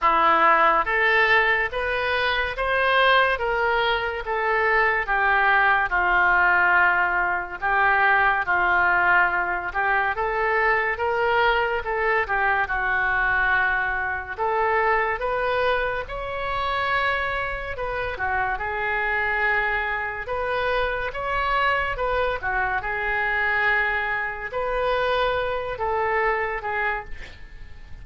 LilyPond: \new Staff \with { instrumentName = "oboe" } { \time 4/4 \tempo 4 = 71 e'4 a'4 b'4 c''4 | ais'4 a'4 g'4 f'4~ | f'4 g'4 f'4. g'8 | a'4 ais'4 a'8 g'8 fis'4~ |
fis'4 a'4 b'4 cis''4~ | cis''4 b'8 fis'8 gis'2 | b'4 cis''4 b'8 fis'8 gis'4~ | gis'4 b'4. a'4 gis'8 | }